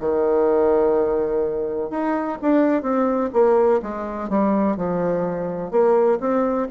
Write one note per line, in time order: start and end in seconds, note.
0.00 1.90 D#3
1.90 2.38 D#4
2.42 2.82 D4
2.82 3.30 C4
3.33 3.81 A#3
3.82 4.29 G#3
4.29 4.77 G3
4.77 5.71 F3
5.71 6.19 A#3
6.20 6.68 C4